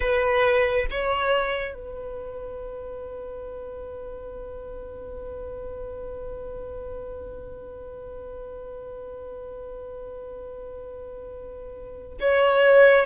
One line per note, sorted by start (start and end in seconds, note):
0.00 0.86 B4
0.90 1.74 C#5
1.74 12.17 B4
12.20 13.06 C#5